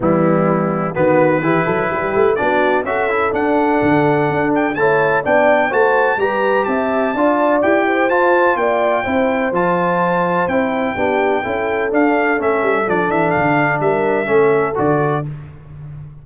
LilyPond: <<
  \new Staff \with { instrumentName = "trumpet" } { \time 4/4 \tempo 4 = 126 e'2 b'2~ | b'4 d''4 e''4 fis''4~ | fis''4. g''8 a''4 g''4 | a''4 ais''4 a''2 |
g''4 a''4 g''2 | a''2 g''2~ | g''4 f''4 e''4 d''8 e''8 | f''4 e''2 d''4 | }
  \new Staff \with { instrumentName = "horn" } { \time 4/4 b2 fis'4 g'8 a'8 | g'4 fis'4 a'2~ | a'2 cis''4 d''4 | c''4 b'4 e''4 d''4~ |
d''8 c''4. d''4 c''4~ | c''2. g'4 | a'1~ | a'4 ais'4 a'2 | }
  \new Staff \with { instrumentName = "trombone" } { \time 4/4 g2 b4 e'4~ | e'4 d'4 fis'8 e'8 d'4~ | d'2 e'4 d'4 | fis'4 g'2 f'4 |
g'4 f'2 e'4 | f'2 e'4 d'4 | e'4 d'4 cis'4 d'4~ | d'2 cis'4 fis'4 | }
  \new Staff \with { instrumentName = "tuba" } { \time 4/4 e2 dis4 e8 fis8 | g8 a8 b4 cis'4 d'4 | d4 d'4 a4 b4 | a4 g4 c'4 d'4 |
e'4 f'4 ais4 c'4 | f2 c'4 b4 | cis'4 d'4 a8 g8 f8 e8 | d4 g4 a4 d4 | }
>>